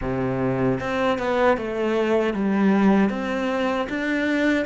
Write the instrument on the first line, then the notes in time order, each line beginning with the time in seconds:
cello
0.01 C3
0.80 C4
1.18 B3
1.57 A3
2.33 G3
3.09 C4
3.89 D4